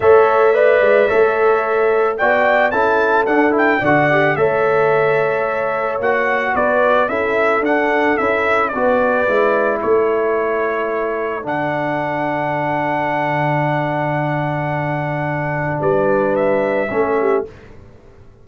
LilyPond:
<<
  \new Staff \with { instrumentName = "trumpet" } { \time 4/4 \tempo 4 = 110 e''1 | g''4 a''4 fis''8 g''8 fis''4 | e''2. fis''4 | d''4 e''4 fis''4 e''4 |
d''2 cis''2~ | cis''4 fis''2.~ | fis''1~ | fis''4 d''4 e''2 | }
  \new Staff \with { instrumentName = "horn" } { \time 4/4 cis''4 d''4 cis''2 | d''4 a'2 d''4 | cis''1 | b'4 a'2. |
b'2 a'2~ | a'1~ | a'1~ | a'4 b'2 a'8 g'8 | }
  \new Staff \with { instrumentName = "trombone" } { \time 4/4 a'4 b'4 a'2 | fis'4 e'4 d'8 e'8 fis'8 g'8 | a'2. fis'4~ | fis'4 e'4 d'4 e'4 |
fis'4 e'2.~ | e'4 d'2.~ | d'1~ | d'2. cis'4 | }
  \new Staff \with { instrumentName = "tuba" } { \time 4/4 a4. gis8 a2 | b4 cis'4 d'4 d4 | a2. ais4 | b4 cis'4 d'4 cis'4 |
b4 gis4 a2~ | a4 d2.~ | d1~ | d4 g2 a4 | }
>>